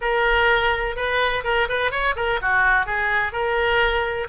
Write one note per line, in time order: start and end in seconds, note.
0.01 0.96 A#4
0.96 1.43 B4
1.44 1.68 A#4
1.69 1.91 B4
1.91 2.15 C#5
2.16 2.40 A#4
2.41 2.85 F#4
2.85 3.32 G#4
3.32 4.27 A#4